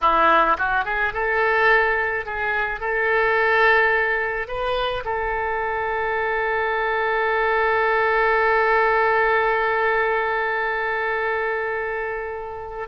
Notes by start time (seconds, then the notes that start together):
0.01 E4
0.58 F#4
0.85 G#4
1.13 A4
2.25 G#4
2.80 A4
4.47 B4
5.04 A4